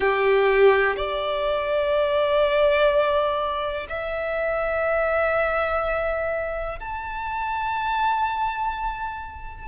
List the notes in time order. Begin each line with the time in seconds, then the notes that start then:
0.00 G4
0.96 D5
3.88 E5
6.79 A5